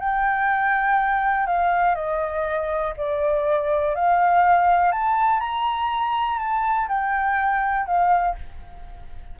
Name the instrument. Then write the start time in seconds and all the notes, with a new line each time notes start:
flute
0.00 G5
1.47 F5
1.95 D#5
2.97 D5
3.95 F5
4.92 A5
5.40 A#5
6.39 A5
6.89 G5
7.86 F5